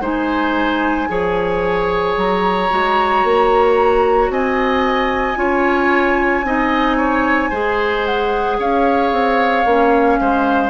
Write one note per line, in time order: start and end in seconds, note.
0.00 1.07 G#3
0.00 1.08 D#4
0.00 1.08 C5
0.00 2.18 G#5
1.08 2.16 F3
1.08 2.69 G#4
1.08 4.31 C#5
2.16 2.70 F#3
2.16 4.31 A#5
2.69 3.23 G#3
2.69 5.35 F#4
3.23 4.29 A#3
4.29 5.36 C4
4.29 5.38 D#5
4.29 8.05 G#5
5.35 6.43 C#4
5.35 6.42 F4
5.35 6.45 C#5
6.43 7.50 C4
6.43 7.52 D#4
6.43 6.97 D#5
6.97 7.49 C#5
7.49 8.58 G#3
7.49 9.66 G#4
7.49 8.56 C5
8.05 8.58 F#5
8.58 9.11 C#4
8.58 10.19 C#5
8.58 10.70 F5
9.11 9.65 C4
9.65 10.18 A#3
9.65 10.70 C#4
10.19 10.70 G#3
10.19 10.70 C5